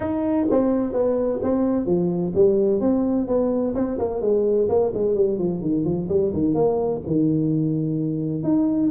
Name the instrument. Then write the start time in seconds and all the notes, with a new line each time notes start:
tuba
0.00 D#4
0.50 C4
0.92 B3
1.42 C4
1.86 F3
2.34 G3
2.80 C4
3.27 B3
3.74 C4
3.98 A#3
4.21 G#3
4.68 A#3
4.94 G#3
5.14 G3
5.38 F3
5.61 D#3
5.84 F3
6.09 G3
6.33 D#3
6.54 A#3
7.06 D#3
8.43 D#4